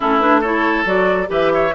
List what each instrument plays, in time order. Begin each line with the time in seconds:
0.00 bassoon A3, clarinet C#4, oboe E4, flute A4
0.19 clarinet D4, flute B4
0.40 clarinet E4, oboe A4, flute C#5
0.85 bassoon F#3, clarinet F#4, flute D5
1.27 bassoon E3, clarinet G4, oboe B4, flute E5
1.53 oboe C#5